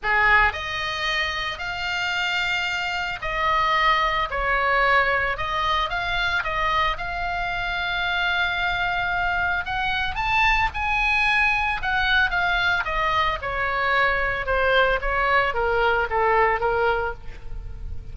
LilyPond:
\new Staff \with { instrumentName = "oboe" } { \time 4/4 \tempo 4 = 112 gis'4 dis''2 f''4~ | f''2 dis''2 | cis''2 dis''4 f''4 | dis''4 f''2.~ |
f''2 fis''4 a''4 | gis''2 fis''4 f''4 | dis''4 cis''2 c''4 | cis''4 ais'4 a'4 ais'4 | }